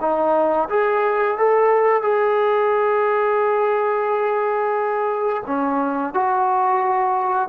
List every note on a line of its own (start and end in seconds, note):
0.00 0.68 D#4
0.69 1.37 G#4
1.37 2.02 A4
2.02 5.43 G#4
5.45 6.13 C#4
6.13 7.48 F#4